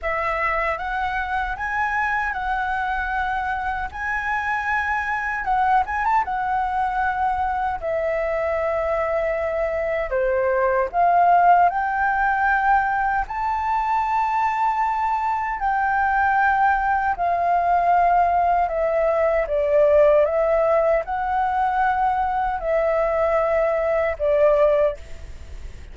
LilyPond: \new Staff \with { instrumentName = "flute" } { \time 4/4 \tempo 4 = 77 e''4 fis''4 gis''4 fis''4~ | fis''4 gis''2 fis''8 gis''16 a''16 | fis''2 e''2~ | e''4 c''4 f''4 g''4~ |
g''4 a''2. | g''2 f''2 | e''4 d''4 e''4 fis''4~ | fis''4 e''2 d''4 | }